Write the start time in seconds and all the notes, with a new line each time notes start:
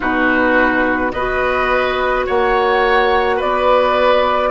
0.00 B2 D#4 F#4 B4
1.11 B3 F#4 B4 D#5
2.26 A#3 C#5 F#5
3.36 B3 B4 D5